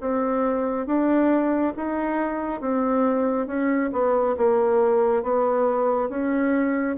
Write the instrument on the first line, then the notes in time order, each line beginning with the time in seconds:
bassoon
0.00 C4
0.86 D4
1.76 D#4
2.61 C4
3.47 C#4
3.92 B3
4.37 A#3
5.23 B3
6.09 C#4